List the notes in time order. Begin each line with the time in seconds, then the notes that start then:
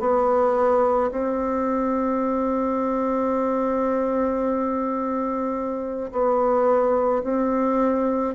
0.00 B3
1.12 C4
6.12 B3
7.24 C4